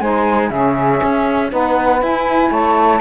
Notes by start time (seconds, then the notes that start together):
0.00 G#3 D#4 C5 G#5
0.49 C#3 C#4 G#4 E5
1.03 C#4
1.50 B3 D#4 B4 F#5
2.00 E4 G#5
2.50 A3 C#5 A5